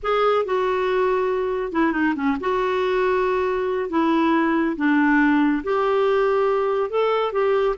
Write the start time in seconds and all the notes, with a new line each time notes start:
0.02 G#4
0.45 F#4
1.72 E4
1.92 D#4
2.15 C#4
2.40 F#4
3.89 E4
4.76 D4
5.63 G4
6.89 A4
7.32 G4